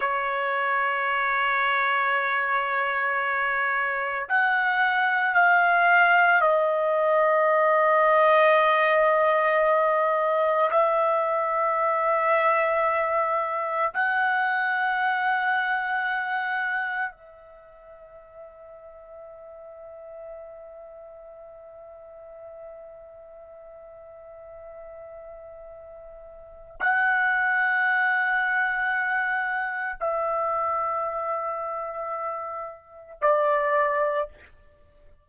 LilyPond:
\new Staff \with { instrumentName = "trumpet" } { \time 4/4 \tempo 4 = 56 cis''1 | fis''4 f''4 dis''2~ | dis''2 e''2~ | e''4 fis''2. |
e''1~ | e''1~ | e''4 fis''2. | e''2. d''4 | }